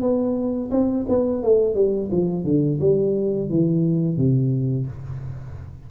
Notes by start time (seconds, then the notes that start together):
0.00 B3
0.71 C4
1.08 B3
1.43 A3
1.74 G3
2.11 F3
2.44 D3
2.80 G3
3.49 E3
4.16 C3